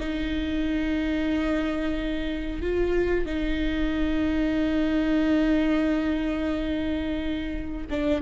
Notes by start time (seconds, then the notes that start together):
0.00 D#4
2.62 F4
3.26 D#4
7.90 D4